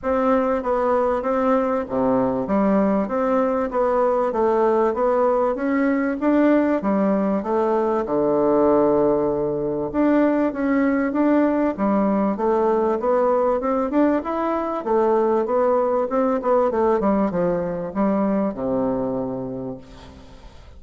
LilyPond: \new Staff \with { instrumentName = "bassoon" } { \time 4/4 \tempo 4 = 97 c'4 b4 c'4 c4 | g4 c'4 b4 a4 | b4 cis'4 d'4 g4 | a4 d2. |
d'4 cis'4 d'4 g4 | a4 b4 c'8 d'8 e'4 | a4 b4 c'8 b8 a8 g8 | f4 g4 c2 | }